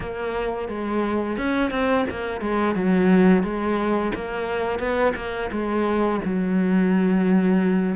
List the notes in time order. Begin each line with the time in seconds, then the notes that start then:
0.00 A#3
0.68 G#3
1.37 C#4
1.71 C4
2.10 A#3
2.40 G#3
2.75 F#3
3.43 G#3
4.14 A#3
4.79 B3
5.15 A#3
5.51 G#3
6.24 F#3